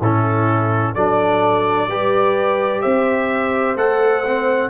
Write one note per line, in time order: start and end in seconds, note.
0.00 0.94 A2
0.00 0.96 C#4
0.00 0.94 E4
0.00 0.94 A4
0.94 1.88 F#3
0.94 1.89 D4
0.94 1.88 A4
0.94 2.82 D5
1.88 2.81 G3
1.88 3.77 G4
1.88 2.82 B4
2.82 3.75 C4
2.82 4.70 C5
2.82 3.75 E5
3.75 4.69 A3
3.75 4.24 A4
3.75 4.70 F#5
4.26 4.70 C4